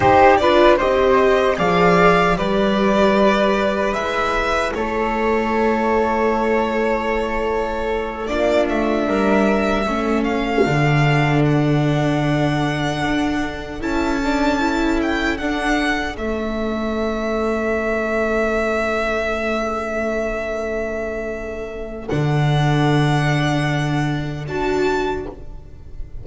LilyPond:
<<
  \new Staff \with { instrumentName = "violin" } { \time 4/4 \tempo 4 = 76 c''8 d''8 dis''4 f''4 d''4~ | d''4 e''4 cis''2~ | cis''2~ cis''8 d''8 e''4~ | e''4 f''4. fis''4.~ |
fis''4. a''4. g''8 fis''8~ | fis''8 e''2.~ e''8~ | e''1 | fis''2. a''4 | }
  \new Staff \with { instrumentName = "flute" } { \time 4/4 g'8 b'8 c''4 d''4 b'4~ | b'2 a'2~ | a'2~ a'8 f'4 ais'8~ | ais'8 a'2.~ a'8~ |
a'1~ | a'1~ | a'1~ | a'1 | }
  \new Staff \with { instrumentName = "viola" } { \time 4/4 dis'8 f'8 g'4 gis'4 g'4~ | g'4 e'2.~ | e'2~ e'8 d'4.~ | d'8 cis'4 d'2~ d'8~ |
d'4. e'8 d'8 e'4 d'8~ | d'8 cis'2.~ cis'8~ | cis'1 | d'2. fis'4 | }
  \new Staff \with { instrumentName = "double bass" } { \time 4/4 dis'8 d'8 c'4 f4 g4~ | g4 gis4 a2~ | a2~ a8 ais8 a8 g8~ | g8 a4 d2~ d8~ |
d8 d'4 cis'2 d'8~ | d'8 a2.~ a8~ | a1 | d2. d'4 | }
>>